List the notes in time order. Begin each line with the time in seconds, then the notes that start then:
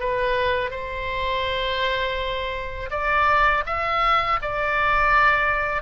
0.00 B4
0.71 C5
2.91 D5
3.66 E5
4.42 D5